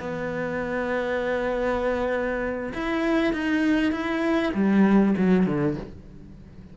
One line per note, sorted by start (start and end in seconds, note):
0.00 2.73 B3
2.74 3.33 E4
3.33 3.92 D#4
3.92 4.53 E4
4.54 5.15 G3
5.17 5.46 F#3
5.46 5.77 D3